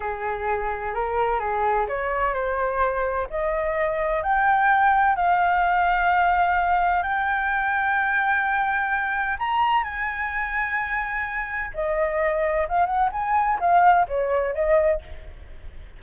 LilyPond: \new Staff \with { instrumentName = "flute" } { \time 4/4 \tempo 4 = 128 gis'2 ais'4 gis'4 | cis''4 c''2 dis''4~ | dis''4 g''2 f''4~ | f''2. g''4~ |
g''1 | ais''4 gis''2.~ | gis''4 dis''2 f''8 fis''8 | gis''4 f''4 cis''4 dis''4 | }